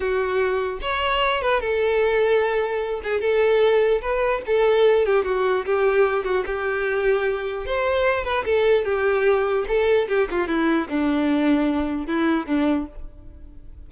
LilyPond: \new Staff \with { instrumentName = "violin" } { \time 4/4 \tempo 4 = 149 fis'2 cis''4. b'8 | a'2.~ a'8 gis'8 | a'2 b'4 a'4~ | a'8 g'8 fis'4 g'4. fis'8 |
g'2. c''4~ | c''8 b'8 a'4 g'2 | a'4 g'8 f'8 e'4 d'4~ | d'2 e'4 d'4 | }